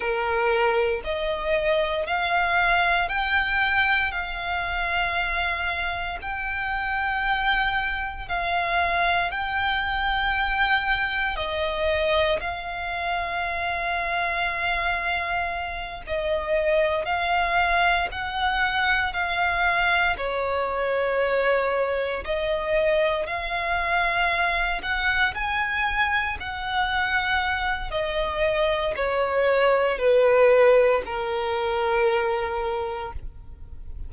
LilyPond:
\new Staff \with { instrumentName = "violin" } { \time 4/4 \tempo 4 = 58 ais'4 dis''4 f''4 g''4 | f''2 g''2 | f''4 g''2 dis''4 | f''2.~ f''8 dis''8~ |
dis''8 f''4 fis''4 f''4 cis''8~ | cis''4. dis''4 f''4. | fis''8 gis''4 fis''4. dis''4 | cis''4 b'4 ais'2 | }